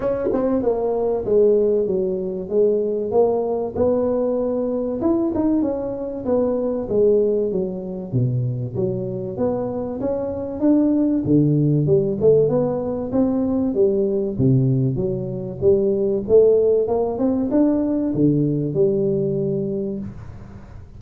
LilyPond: \new Staff \with { instrumentName = "tuba" } { \time 4/4 \tempo 4 = 96 cis'8 c'8 ais4 gis4 fis4 | gis4 ais4 b2 | e'8 dis'8 cis'4 b4 gis4 | fis4 b,4 fis4 b4 |
cis'4 d'4 d4 g8 a8 | b4 c'4 g4 c4 | fis4 g4 a4 ais8 c'8 | d'4 d4 g2 | }